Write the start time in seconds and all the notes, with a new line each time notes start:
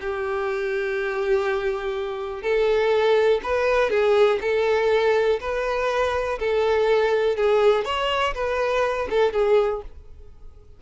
0.00 G4
2.42 A4
3.43 B4
3.90 G#4
4.41 A4
5.41 B4
6.39 A4
7.36 G#4
7.85 C#5
8.34 B4
9.10 A4
9.33 G#4